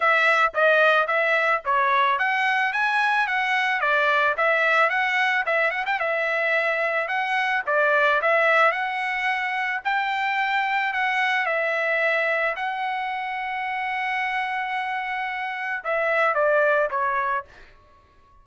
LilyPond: \new Staff \with { instrumentName = "trumpet" } { \time 4/4 \tempo 4 = 110 e''4 dis''4 e''4 cis''4 | fis''4 gis''4 fis''4 d''4 | e''4 fis''4 e''8 fis''16 g''16 e''4~ | e''4 fis''4 d''4 e''4 |
fis''2 g''2 | fis''4 e''2 fis''4~ | fis''1~ | fis''4 e''4 d''4 cis''4 | }